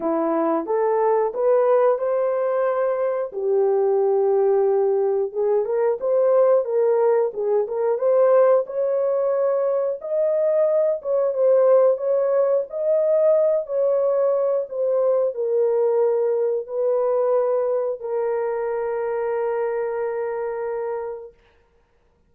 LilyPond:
\new Staff \with { instrumentName = "horn" } { \time 4/4 \tempo 4 = 90 e'4 a'4 b'4 c''4~ | c''4 g'2. | gis'8 ais'8 c''4 ais'4 gis'8 ais'8 | c''4 cis''2 dis''4~ |
dis''8 cis''8 c''4 cis''4 dis''4~ | dis''8 cis''4. c''4 ais'4~ | ais'4 b'2 ais'4~ | ais'1 | }